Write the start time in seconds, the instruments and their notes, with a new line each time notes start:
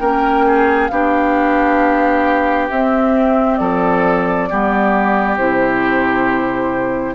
0.00 bassoon A#3, clarinet C#4, oboe A#4, flute G5
0.47 oboe G#4
0.88 bassoon B3, clarinet D4, oboe G4, flute F5
2.69 bassoon C4, clarinet C4, flute E5
3.57 bassoon F3, oboe A4, flute D5
4.50 bassoon G3, clarinet B3, oboe G4
5.37 bassoon C3, clarinet E4, flute C5